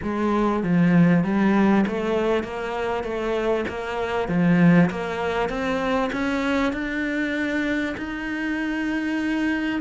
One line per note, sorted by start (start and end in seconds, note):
0.02 0.63 G#3
0.63 1.24 F3
1.24 1.85 G3
1.86 2.43 A3
2.43 3.03 A#3
3.03 3.65 A3
3.68 4.28 A#3
4.28 4.90 F3
4.90 5.49 A#3
5.49 6.10 C4
6.12 6.73 C#4
6.73 7.95 D4
7.97 9.80 D#4